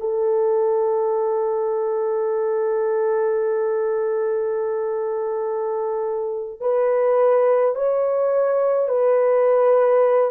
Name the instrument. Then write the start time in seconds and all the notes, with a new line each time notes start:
horn
0.00 A4
6.60 B4
7.75 C#5
8.88 B4